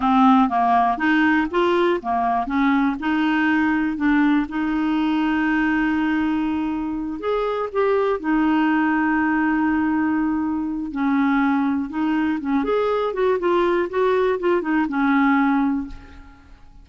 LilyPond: \new Staff \with { instrumentName = "clarinet" } { \time 4/4 \tempo 4 = 121 c'4 ais4 dis'4 f'4 | ais4 cis'4 dis'2 | d'4 dis'2.~ | dis'2~ dis'8 gis'4 g'8~ |
g'8 dis'2.~ dis'8~ | dis'2 cis'2 | dis'4 cis'8 gis'4 fis'8 f'4 | fis'4 f'8 dis'8 cis'2 | }